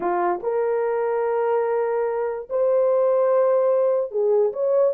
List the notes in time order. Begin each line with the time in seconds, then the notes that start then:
0.00 F4
0.42 A#4
2.49 C5
4.11 G#4
4.52 C#5